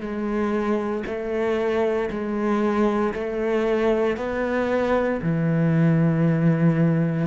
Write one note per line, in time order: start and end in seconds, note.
0.00 1.03 G#3
1.06 2.10 A3
2.10 3.14 G#3
3.14 4.17 A3
4.17 5.20 B3
5.22 7.26 E3